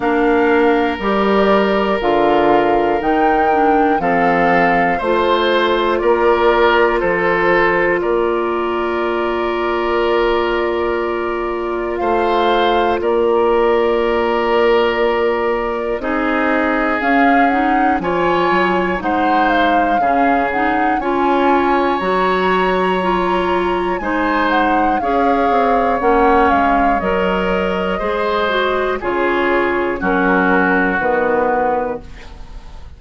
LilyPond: <<
  \new Staff \with { instrumentName = "flute" } { \time 4/4 \tempo 4 = 60 f''4 d''4 f''4 g''4 | f''4 c''4 d''4 c''4 | d''1 | f''4 d''2. |
dis''4 f''8 fis''8 gis''4 fis''8 f''8~ | f''8 fis''8 gis''4 ais''2 | gis''8 fis''8 f''4 fis''8 f''8 dis''4~ | dis''4 cis''4 ais'4 b'4 | }
  \new Staff \with { instrumentName = "oboe" } { \time 4/4 ais'1 | a'4 c''4 ais'4 a'4 | ais'1 | c''4 ais'2. |
gis'2 cis''4 c''4 | gis'4 cis''2. | c''4 cis''2. | c''4 gis'4 fis'2 | }
  \new Staff \with { instrumentName = "clarinet" } { \time 4/4 d'4 g'4 f'4 dis'8 d'8 | c'4 f'2.~ | f'1~ | f'1 |
dis'4 cis'8 dis'8 f'4 dis'4 | cis'8 dis'8 f'4 fis'4 f'4 | dis'4 gis'4 cis'4 ais'4 | gis'8 fis'8 f'4 cis'4 b4 | }
  \new Staff \with { instrumentName = "bassoon" } { \time 4/4 ais4 g4 d4 dis4 | f4 a4 ais4 f4 | ais1 | a4 ais2. |
c'4 cis'4 f8 fis8 gis4 | cis4 cis'4 fis2 | gis4 cis'8 c'8 ais8 gis8 fis4 | gis4 cis4 fis4 dis4 | }
>>